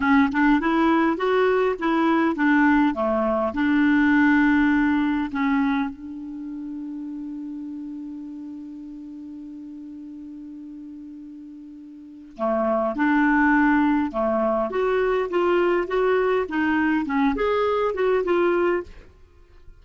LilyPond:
\new Staff \with { instrumentName = "clarinet" } { \time 4/4 \tempo 4 = 102 cis'8 d'8 e'4 fis'4 e'4 | d'4 a4 d'2~ | d'4 cis'4 d'2~ | d'1~ |
d'1~ | d'4 a4 d'2 | a4 fis'4 f'4 fis'4 | dis'4 cis'8 gis'4 fis'8 f'4 | }